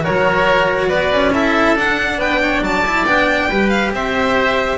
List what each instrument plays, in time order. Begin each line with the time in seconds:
0.00 cello F#4, oboe A#4, violin C#5
0.08 double bass F#3
0.89 double bass B3, oboe B4, violin D5
1.11 double bass C#4
1.33 cello E4, oboe A4, violin E5
1.75 double bass D4, cello D4, violin F#5
2.18 double bass B3, oboe B4, violin G5
2.42 oboe C#5
2.61 double bass F#3, oboe D5, violin A5
2.86 cello E4
3.05 double bass B3, cello D4, violin G5
3.49 double bass G3, cello G4, oboe B4
3.69 violin F5
3.92 double bass C4, oboe C5, violin E5